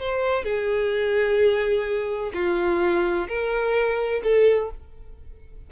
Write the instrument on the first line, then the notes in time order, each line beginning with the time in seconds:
violin
0.00 C5
0.44 G#4
2.34 F4
3.28 A#4
4.24 A4